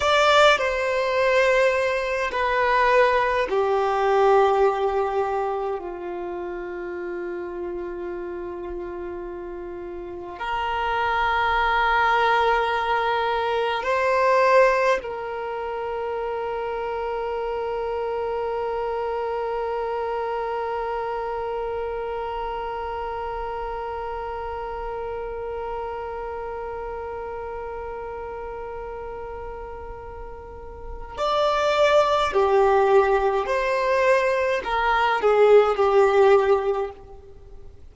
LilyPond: \new Staff \with { instrumentName = "violin" } { \time 4/4 \tempo 4 = 52 d''8 c''4. b'4 g'4~ | g'4 f'2.~ | f'4 ais'2. | c''4 ais'2.~ |
ais'1~ | ais'1~ | ais'2. d''4 | g'4 c''4 ais'8 gis'8 g'4 | }